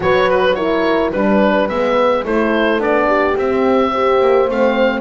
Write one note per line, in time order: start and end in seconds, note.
0.00 1.12 F#3
0.00 0.55 F#4
0.00 0.57 B4
0.00 0.29 C#5
0.29 0.55 B4
0.55 1.13 E4
0.55 1.11 A#4
0.55 1.11 C#5
1.11 1.69 G3
1.11 1.69 D4
1.11 2.23 B4
1.11 1.68 B4
1.68 2.24 G#3
1.68 2.24 B3
1.68 2.24 E5
2.24 2.78 A3
2.24 2.79 E4
2.24 3.06 A4
2.24 2.81 C5
2.78 3.34 B3
2.78 3.35 D4
2.78 3.37 D5
3.06 3.91 G4
3.36 3.92 C4
3.36 4.20 C4
3.36 4.50 E5
3.91 4.48 G4
3.91 5.00 C5
4.20 4.48 A#3
4.48 5.00 A3
4.48 5.00 C4
4.48 5.00 F5